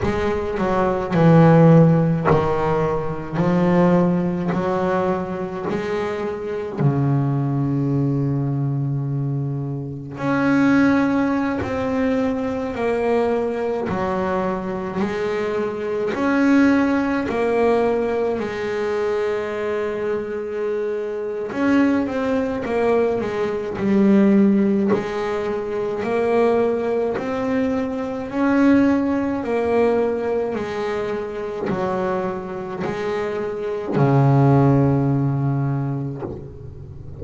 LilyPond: \new Staff \with { instrumentName = "double bass" } { \time 4/4 \tempo 4 = 53 gis8 fis8 e4 dis4 f4 | fis4 gis4 cis2~ | cis4 cis'4~ cis'16 c'4 ais8.~ | ais16 fis4 gis4 cis'4 ais8.~ |
ais16 gis2~ gis8. cis'8 c'8 | ais8 gis8 g4 gis4 ais4 | c'4 cis'4 ais4 gis4 | fis4 gis4 cis2 | }